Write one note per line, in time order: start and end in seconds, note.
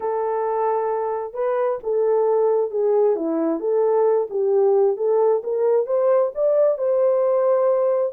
0.00 1.33 A4
1.33 1.78 B4
1.83 2.70 A4
2.70 3.15 G#4
3.16 3.60 E4
3.60 4.27 A4
4.30 4.96 G4
4.96 5.42 A4
5.43 5.86 A#4
5.86 6.31 C5
6.35 6.78 D5
6.78 8.12 C5